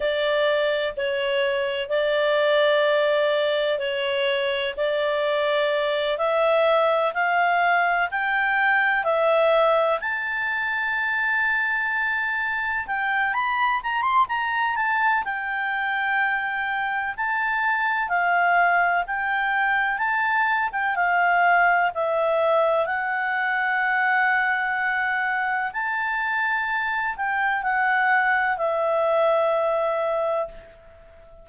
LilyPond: \new Staff \with { instrumentName = "clarinet" } { \time 4/4 \tempo 4 = 63 d''4 cis''4 d''2 | cis''4 d''4. e''4 f''8~ | f''8 g''4 e''4 a''4.~ | a''4. g''8 b''8 ais''16 c'''16 ais''8 a''8 |
g''2 a''4 f''4 | g''4 a''8. g''16 f''4 e''4 | fis''2. a''4~ | a''8 g''8 fis''4 e''2 | }